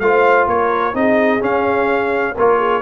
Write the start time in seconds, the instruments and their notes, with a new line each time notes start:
0.00 tuba A3, trombone F4, horn C5, trumpet F5
0.47 tuba A#3, horn A#4, trumpet C#5
0.94 tuba C4, trombone D#4, horn G#4, trumpet D#5
1.40 trombone C#4, tuba C#4, trumpet F5
2.34 tuba A#3, trombone F4, horn A#4, trumpet C#5
2.58 horn G#4